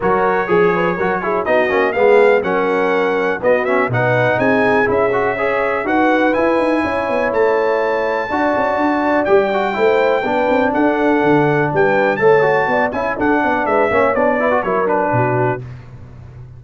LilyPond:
<<
  \new Staff \with { instrumentName = "trumpet" } { \time 4/4 \tempo 4 = 123 cis''2. dis''4 | f''4 fis''2 dis''8 e''8 | fis''4 gis''4 e''2 | fis''4 gis''2 a''4~ |
a''2. g''4~ | g''2 fis''2 | g''4 a''4. gis''8 fis''4 | e''4 d''4 cis''8 b'4. | }
  \new Staff \with { instrumentName = "horn" } { \time 4/4 ais'4 gis'8 b'8 ais'8 gis'8 fis'4 | gis'4 ais'2 fis'4 | b'4 gis'2 cis''4 | b'2 cis''2~ |
cis''4 d''2. | c''4 b'4 a'2 | b'4 cis''4 d''8 e''8 a'8 d''8 | b'8 cis''4 b'8 ais'4 fis'4 | }
  \new Staff \with { instrumentName = "trombone" } { \time 4/4 fis'4 gis'4 fis'8 e'8 dis'8 cis'8 | b4 cis'2 b8 cis'8 | dis'2 e'8 fis'8 gis'4 | fis'4 e'2.~ |
e'4 fis'2 g'8 fis'8 | e'4 d'2.~ | d'4 a'8 fis'4 e'8 d'4~ | d'8 cis'8 d'8 e'16 fis'16 e'8 d'4. | }
  \new Staff \with { instrumentName = "tuba" } { \time 4/4 fis4 f4 fis4 b8 ais8 | gis4 fis2 b4 | b,4 c'4 cis'2 | dis'4 e'8 dis'8 cis'8 b8 a4~ |
a4 d'8 cis'8 d'4 g4 | a4 b8 c'8 d'4 d4 | g4 a4 b8 cis'8 d'8 b8 | gis8 ais8 b4 fis4 b,4 | }
>>